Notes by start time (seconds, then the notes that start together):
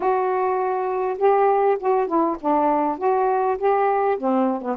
0.00 F#4
1.18 G4
1.79 F#4
2.07 E4
2.40 D4
2.98 F#4
3.58 G4
4.17 C4
4.61 B3